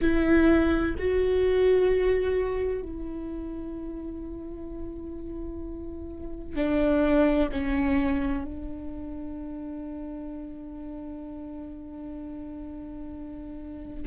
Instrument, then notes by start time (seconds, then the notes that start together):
viola
0.01 E4
0.98 F#4
2.82 E4
6.55 D4
7.51 C#4
8.44 D4